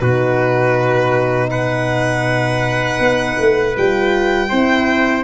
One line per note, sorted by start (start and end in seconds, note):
0.00 3.00 B2
0.00 3.76 D#4
0.00 1.50 F#4
0.00 1.50 B4
1.50 4.50 B4
1.50 3.76 F#5
3.00 3.37 B3
3.39 3.76 A3
3.77 4.52 G3
3.77 4.49 F4
3.77 5.24 G5
4.49 5.24 C4
4.49 5.24 E4
4.49 5.24 C5